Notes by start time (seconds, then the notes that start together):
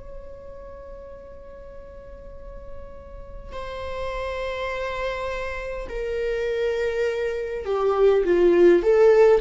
0.00 C#5
3.52 C5
5.89 A#4
7.65 G4
8.24 F4
8.82 A4